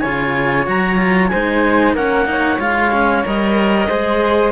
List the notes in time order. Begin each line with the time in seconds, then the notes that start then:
0.00 C#3 F4 C#5 G#5
0.66 F#3 F#4 A#5
0.97 F4
1.28 G#3 D#4 C5 G#5
1.94 A#3 C#4 A#4 F#5
2.26 D#4 C#5
2.59 G#3 F4 F5
2.92 C#4
3.24 G3 A#4 D#5
3.88 G#3 G#4 C5